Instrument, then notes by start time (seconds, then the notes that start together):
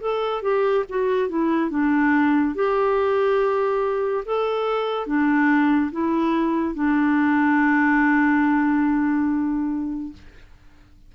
clarinet
0.00 A4
0.42 G4
0.89 F#4
1.29 E4
1.70 D4
2.55 G4
4.25 A4
5.06 D4
5.92 E4
6.75 D4